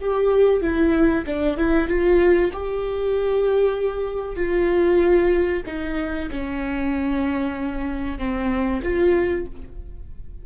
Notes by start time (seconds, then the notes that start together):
0.00 G4
0.62 E4
1.26 D4
1.57 E4
1.88 F4
2.53 G4
4.36 F4
5.66 D#4
6.31 C#4
8.18 C4
8.83 F4